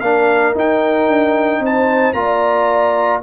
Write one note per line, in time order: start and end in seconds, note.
0.00 0.54 A#3
0.00 0.54 D4
0.00 1.61 A#4
0.00 0.54 F5
0.54 2.15 D#4
0.54 1.08 D#4
0.54 1.65 G5
1.08 1.59 D4
1.59 2.13 C4
1.59 2.17 C5
1.66 2.13 A5
2.13 3.20 A#3
2.13 3.22 F4
2.13 3.23 D5
2.13 3.20 A#5